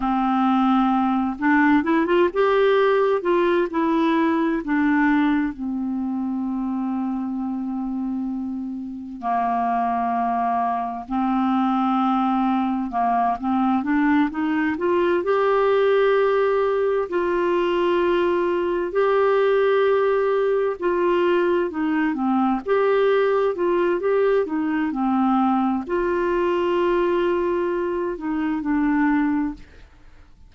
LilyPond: \new Staff \with { instrumentName = "clarinet" } { \time 4/4 \tempo 4 = 65 c'4. d'8 e'16 f'16 g'4 f'8 | e'4 d'4 c'2~ | c'2 ais2 | c'2 ais8 c'8 d'8 dis'8 |
f'8 g'2 f'4.~ | f'8 g'2 f'4 dis'8 | c'8 g'4 f'8 g'8 dis'8 c'4 | f'2~ f'8 dis'8 d'4 | }